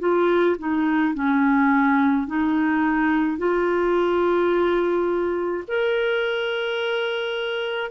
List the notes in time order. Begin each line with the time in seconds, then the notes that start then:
0.00 F4
0.59 D#4
1.15 C#4
2.27 D#4
3.38 F4
5.68 A#4